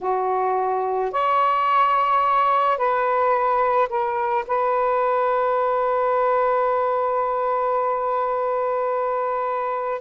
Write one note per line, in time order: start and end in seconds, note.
0.00 1.11 F#4
1.11 2.77 C#5
2.77 3.88 B4
3.89 4.44 A#4
4.47 10.01 B4